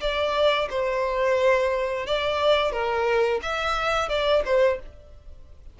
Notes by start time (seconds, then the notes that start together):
0.00 D5
0.70 C5
2.06 D5
2.71 A#4
3.42 E5
4.08 D5
4.45 C5